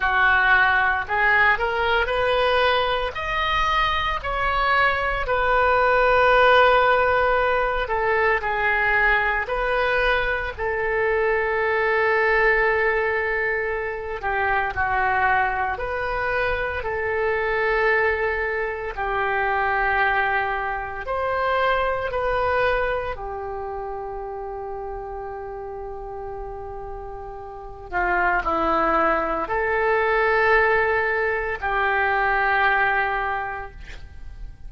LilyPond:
\new Staff \with { instrumentName = "oboe" } { \time 4/4 \tempo 4 = 57 fis'4 gis'8 ais'8 b'4 dis''4 | cis''4 b'2~ b'8 a'8 | gis'4 b'4 a'2~ | a'4. g'8 fis'4 b'4 |
a'2 g'2 | c''4 b'4 g'2~ | g'2~ g'8 f'8 e'4 | a'2 g'2 | }